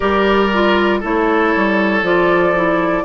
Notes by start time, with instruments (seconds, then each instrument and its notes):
0.00 bassoon G3, clarinet G4, oboe A#4, flute D5
0.53 clarinet F4
1.00 bassoon A3, clarinet E4, oboe A4, flute C#5
1.56 bassoon G3
2.02 bassoon F3, clarinet F4, flute D5
2.55 clarinet E4